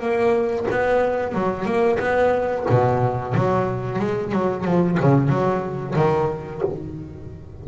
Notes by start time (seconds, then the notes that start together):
0.00 A#3
0.71 B3
1.34 F#3
1.65 A#3
2.00 B3
2.69 B2
3.34 F#3
3.99 G#3
4.32 F#3
4.65 F3
5.00 C#3
5.29 F#3
5.96 D#3